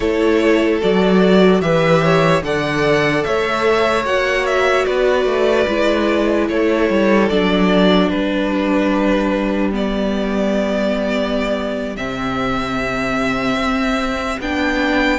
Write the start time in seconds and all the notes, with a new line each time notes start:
0.00 A3 E4 A4 C#5
0.82 F#3 F#4 D5
1.61 E3 G4 B4 E5
2.02 C#5
2.43 D3 A4 D5 F#5
3.23 A3 C#5 E5
4.04 A#3 F#4 F#5
4.45 E5
4.85 B3 B4 D5
5.25 A3
5.68 G#3 E4
6.48 A3 A4 C#5
6.89 G3
7.29 F#3 D4 D5
8.08 G3 G4 B4
9.72 B3 D5
11.96 C3 C4 E5
13.56 C4
14.39 B3 D4 G5